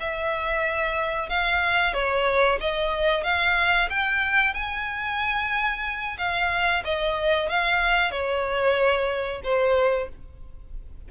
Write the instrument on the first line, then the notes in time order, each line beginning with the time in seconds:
violin
0.00 E5
1.29 F5
1.94 C#5
2.61 D#5
3.23 F5
3.90 G5
4.54 G#5
6.18 F5
6.84 D#5
7.49 F5
8.11 C#5
9.44 C5